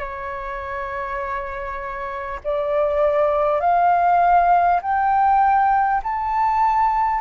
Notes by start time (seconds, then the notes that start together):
0.00 C#5
2.44 D5
3.61 F5
4.83 G5
6.03 A5